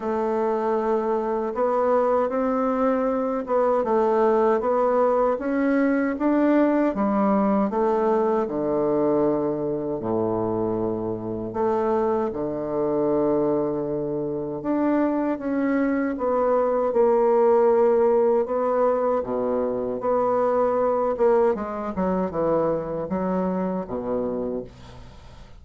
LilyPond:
\new Staff \with { instrumentName = "bassoon" } { \time 4/4 \tempo 4 = 78 a2 b4 c'4~ | c'8 b8 a4 b4 cis'4 | d'4 g4 a4 d4~ | d4 a,2 a4 |
d2. d'4 | cis'4 b4 ais2 | b4 b,4 b4. ais8 | gis8 fis8 e4 fis4 b,4 | }